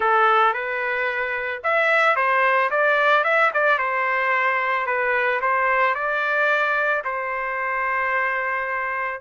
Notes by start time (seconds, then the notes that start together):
0.00 A4
0.53 B4
1.63 E5
2.15 C5
2.70 D5
3.24 E5
3.53 D5
3.78 C5
4.86 B4
5.41 C5
5.94 D5
7.04 C5